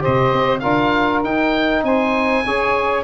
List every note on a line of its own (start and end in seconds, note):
0.00 0.61 G4
0.00 0.61 C5
0.00 0.60 D#5
0.07 0.32 C3
0.32 0.63 C4
0.60 1.24 D4
0.60 1.24 F4
0.60 1.82 A#4
0.60 1.20 F5
1.24 2.45 D#4
1.24 1.83 D#4
1.24 1.84 G5
1.83 2.44 C4
1.83 2.45 C5
1.83 3.04 G#5
2.45 3.04 C#4
2.45 3.04 G#4
2.45 3.04 C#5